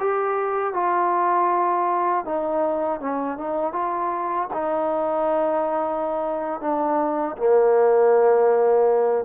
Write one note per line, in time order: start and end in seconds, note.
0.00 0.74 G4
0.74 2.25 F4
2.25 3.00 D#4
3.00 3.38 C#4
3.38 3.73 D#4
3.73 4.49 F4
4.53 6.61 D#4
6.61 7.37 D4
7.37 9.25 A#3